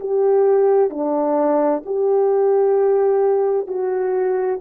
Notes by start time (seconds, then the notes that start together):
0.00 G4
0.90 D4
1.86 G4
3.68 F#4